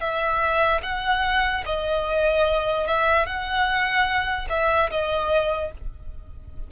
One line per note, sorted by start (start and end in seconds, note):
0.00 0.81 E5
0.83 1.64 F#5
1.65 2.87 D#5
2.87 3.26 E5
3.26 4.48 F#5
4.49 4.90 E5
4.90 5.71 D#5